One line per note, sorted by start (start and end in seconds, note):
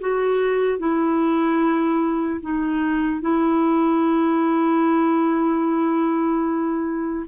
0.00 0.79 F#4
0.79 2.41 E4
2.41 3.21 D#4
3.21 7.26 E4